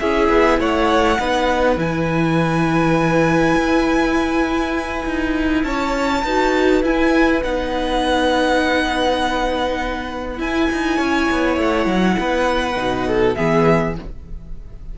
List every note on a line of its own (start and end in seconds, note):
0.00 0.29 C#4
0.00 1.19 E4
0.00 0.60 G#4
0.00 0.59 E5
0.29 0.59 B3
0.59 1.18 A3
0.59 1.19 C#5
0.59 1.80 F#5
1.19 1.77 B3
1.19 1.77 D#4
1.19 5.65 B4
1.77 3.55 E3
1.77 6.23 E4
1.77 5.63 G#5
3.56 5.05 E4
5.06 5.64 D#4
5.63 6.24 C#4
5.63 6.24 C#5
5.63 6.82 A5
6.24 6.82 D#4
6.24 6.84 F#4
6.24 10.97 B4
6.82 7.42 E4
6.82 7.43 E4
6.82 7.43 G#5
7.43 10.39 B3
7.43 10.37 D#4
7.43 10.40 F#5
10.37 12.74 E4
10.37 10.69 E4
10.37 11.59 G#5
10.72 10.99 D#4
10.97 11.29 C#4
10.97 12.15 C#5
11.31 11.58 B3
11.58 11.87 A3
11.58 13.35 F#5
11.87 12.16 F#3
12.19 12.77 B3
12.19 13.07 B4
12.75 13.36 B2
12.75 13.35 D#4
13.07 13.37 A4
13.35 13.98 E3
13.35 13.96 B3
13.35 13.97 G#4
13.35 13.94 E5